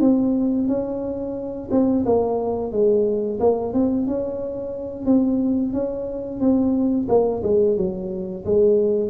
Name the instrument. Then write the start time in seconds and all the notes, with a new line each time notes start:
tuba
0.00 C4
0.68 C#4
1.71 C4
2.05 A#3
2.72 G#3
3.40 A#3
3.73 C4
4.07 C#4
5.05 C4
5.73 C#4
6.40 C4
7.08 A#3
7.43 G#3
7.77 F#3
8.45 G#3